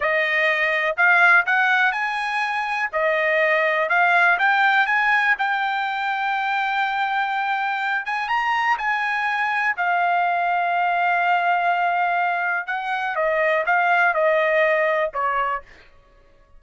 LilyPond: \new Staff \with { instrumentName = "trumpet" } { \time 4/4 \tempo 4 = 123 dis''2 f''4 fis''4 | gis''2 dis''2 | f''4 g''4 gis''4 g''4~ | g''1~ |
g''8 gis''8 ais''4 gis''2 | f''1~ | f''2 fis''4 dis''4 | f''4 dis''2 cis''4 | }